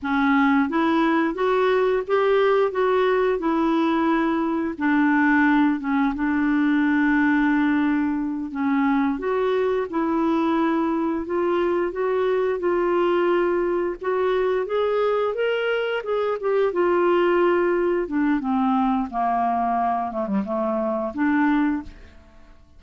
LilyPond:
\new Staff \with { instrumentName = "clarinet" } { \time 4/4 \tempo 4 = 88 cis'4 e'4 fis'4 g'4 | fis'4 e'2 d'4~ | d'8 cis'8 d'2.~ | d'8 cis'4 fis'4 e'4.~ |
e'8 f'4 fis'4 f'4.~ | f'8 fis'4 gis'4 ais'4 gis'8 | g'8 f'2 d'8 c'4 | ais4. a16 g16 a4 d'4 | }